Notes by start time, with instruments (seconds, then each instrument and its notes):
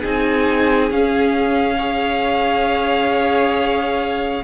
0.00 cello C4, viola D#4, violin G#4 G#5
0.90 viola C#4, cello C#4, violin F5
1.77 viola G#4, violin C#5